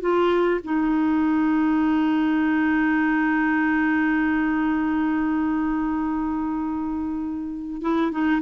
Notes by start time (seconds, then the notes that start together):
0.00 F4
0.63 D#4
7.81 E4
8.11 D#4